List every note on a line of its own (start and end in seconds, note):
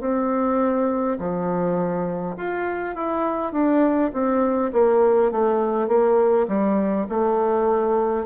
0.00 1.18 C4
1.19 2.36 F3
2.36 2.95 F4
2.95 3.52 E4
3.52 4.11 D4
4.13 4.72 C4
4.73 5.32 A#3
5.32 5.88 A3
5.88 6.47 A#3
6.48 7.06 G3
7.09 8.26 A3